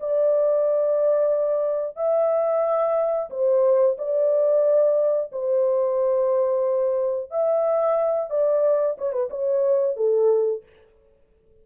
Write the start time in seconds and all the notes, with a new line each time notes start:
0.00 D5
1.96 E5
3.30 C5
3.98 D5
5.32 C5
7.31 E5
8.30 D5
8.98 C#5
9.12 B4
9.30 C#5
9.96 A4